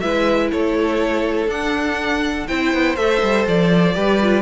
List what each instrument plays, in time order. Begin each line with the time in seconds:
0.00 cello G#3, viola E4, violin B4 E5
0.52 cello A3, violin A4 C#5
1.47 cello D4, viola D4, violin F#5
2.47 cello C4, viola E4, violin C5 G5
2.73 cello B3
2.96 cello A3, viola A4, violin E5
3.22 cello G3
3.47 cello F3, violin D5
3.95 cello G3, viola G4, violin B4
4.22 viola F4